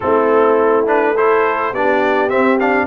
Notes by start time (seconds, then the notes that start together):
0.00 A3 C4 E4 A4
0.86 D4 B4
1.14 E4 A4 C5
1.72 B3 D4 G4 D5
2.29 C4 E5
2.59 D4 F5